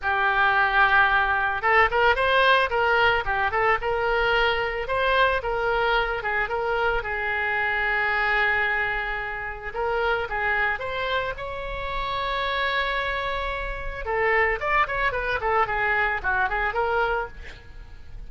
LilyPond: \new Staff \with { instrumentName = "oboe" } { \time 4/4 \tempo 4 = 111 g'2. a'8 ais'8 | c''4 ais'4 g'8 a'8 ais'4~ | ais'4 c''4 ais'4. gis'8 | ais'4 gis'2.~ |
gis'2 ais'4 gis'4 | c''4 cis''2.~ | cis''2 a'4 d''8 cis''8 | b'8 a'8 gis'4 fis'8 gis'8 ais'4 | }